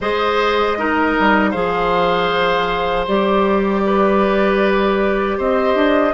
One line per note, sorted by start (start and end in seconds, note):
0.00 1.16 G#3
0.00 0.78 G#4
0.00 0.77 C5
0.00 1.51 D#5
0.78 1.53 D#4
0.78 1.50 A#4
1.19 1.54 G3
1.50 3.07 F3
1.50 3.07 G#4
1.50 3.81 C5
1.50 3.05 F5
3.07 5.38 G3
3.07 6.13 G4
3.07 5.38 D5
3.85 5.37 B4
5.37 5.75 C4
5.37 6.13 C5
5.37 6.13 D#5
5.75 6.13 D4